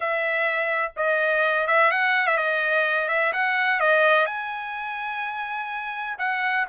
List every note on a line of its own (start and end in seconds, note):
0.00 0.92 E5
0.96 1.67 D#5
1.67 1.91 E5
1.91 2.26 F#5
2.26 2.37 E5
2.37 3.08 D#5
3.08 3.32 E5
3.32 3.80 F#5
3.80 4.26 D#5
4.26 6.16 G#5
6.18 6.66 F#5